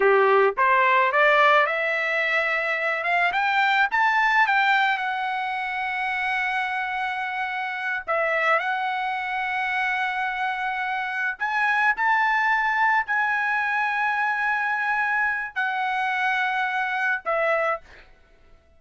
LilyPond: \new Staff \with { instrumentName = "trumpet" } { \time 4/4 \tempo 4 = 108 g'4 c''4 d''4 e''4~ | e''4. f''8 g''4 a''4 | g''4 fis''2.~ | fis''2~ fis''8 e''4 fis''8~ |
fis''1~ | fis''8 gis''4 a''2 gis''8~ | gis''1 | fis''2. e''4 | }